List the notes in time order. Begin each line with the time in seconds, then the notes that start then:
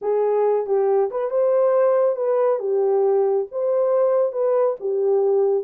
0.01 G#4
0.66 G4
1.11 B4
1.30 C5
2.16 B4
2.59 G4
3.51 C5
4.32 B4
4.80 G4